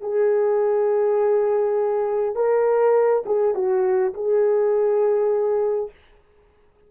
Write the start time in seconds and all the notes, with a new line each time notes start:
0.00 G#4
2.35 A#4
3.25 G#4
3.54 F#4
4.13 G#4